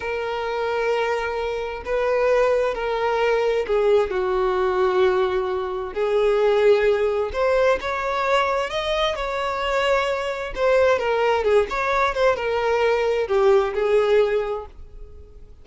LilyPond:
\new Staff \with { instrumentName = "violin" } { \time 4/4 \tempo 4 = 131 ais'1 | b'2 ais'2 | gis'4 fis'2.~ | fis'4 gis'2. |
c''4 cis''2 dis''4 | cis''2. c''4 | ais'4 gis'8 cis''4 c''8 ais'4~ | ais'4 g'4 gis'2 | }